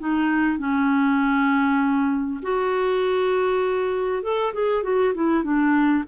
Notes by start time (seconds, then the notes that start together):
0.00 D#4
0.59 C#4
2.43 F#4
4.23 A4
4.54 G#4
4.84 F#4
5.15 E4
5.44 D4